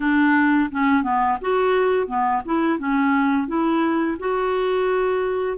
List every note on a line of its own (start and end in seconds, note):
0.00 0.70 D4
0.71 1.03 C#4
1.03 1.38 B3
1.41 2.07 F#4
2.07 2.42 B3
2.45 2.78 E4
2.78 3.47 C#4
3.47 4.17 E4
4.19 5.57 F#4